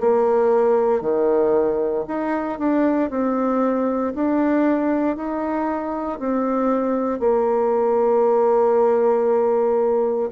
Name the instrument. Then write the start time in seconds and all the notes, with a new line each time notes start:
bassoon
0.00 A#3
1.01 D#3
2.07 D#4
2.59 D4
3.10 C4
4.15 D4
5.16 D#4
6.19 C4
7.19 A#3